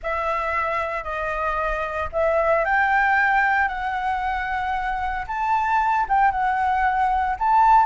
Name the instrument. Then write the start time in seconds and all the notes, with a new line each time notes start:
flute
0.02 E5
1.03 D#5
2.12 E5
2.64 G5
3.67 F#5
5.27 A5
6.08 G5
6.31 F#5
7.39 A5